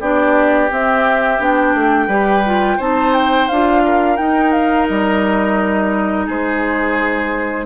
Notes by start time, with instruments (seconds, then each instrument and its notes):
0.00 bassoon B3, clarinet D4, oboe G4, flute D5
0.69 clarinet C4, bassoon C4, flute E5
1.39 bassoon B3, clarinet D4, flute G5
1.74 bassoon A3
2.07 bassoon G3, clarinet G4, oboe B4
2.45 clarinet F4
2.77 bassoon C4, clarinet D#4, oboe C5, flute A5
3.14 flute G5
3.48 bassoon D4, clarinet F4, flute F5
3.84 oboe A#4
4.17 clarinet D#4, bassoon D#4, flute G5
4.51 flute F5
4.87 bassoon G3, flute D#5
6.26 bassoon G#3, oboe G#4, flute C5